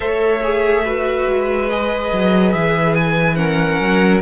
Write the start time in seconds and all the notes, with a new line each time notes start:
0.00 A3 A4 C#5 E5
0.43 G#4
0.83 F#4 B4
1.27 G#3
1.69 G#4 D#5
2.12 F#3
2.52 E3 E5
2.94 G#5
3.35 C#4 A#4 F#5
3.79 F#3